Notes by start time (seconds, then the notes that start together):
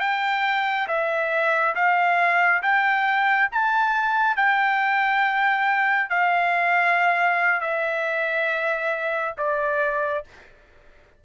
0.00 G5
0.88 E5
1.75 F5
2.62 G5
3.51 A5
4.36 G5
6.09 F5
7.61 E5
9.38 D5